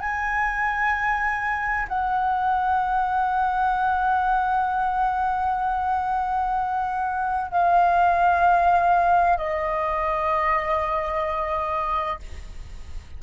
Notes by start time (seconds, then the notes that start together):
0.00 G#5
1.88 F#5
7.51 F5
9.38 D#5